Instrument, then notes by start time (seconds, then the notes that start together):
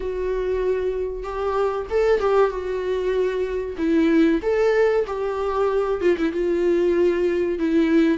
viola
0.00 F#4
1.23 G4
1.90 A4
2.20 G4
2.49 F#4
3.77 E4
4.42 A4
5.06 G4
6.01 F4
6.17 E4
6.32 F4
7.58 E4